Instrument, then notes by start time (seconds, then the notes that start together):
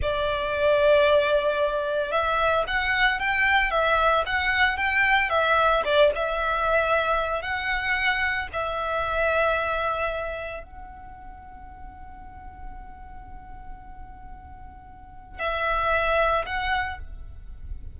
violin
0.01 D5
2.11 E5
2.67 F#5
3.19 G5
3.70 E5
4.26 F#5
4.77 G5
5.29 E5
5.84 D5
6.15 E5
7.42 F#5
8.52 E5
10.63 F#5
15.39 E5
16.46 F#5